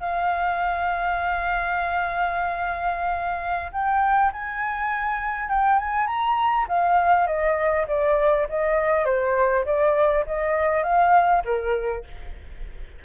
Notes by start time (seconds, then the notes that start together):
0.00 F5
3.72 G5
4.33 G#5
5.49 G5
5.79 G#5
6.07 A#5
6.68 F5
7.27 D#5
7.88 D5
8.49 D#5
9.05 C5
9.65 D5
10.27 D#5
10.83 F5
11.45 A#4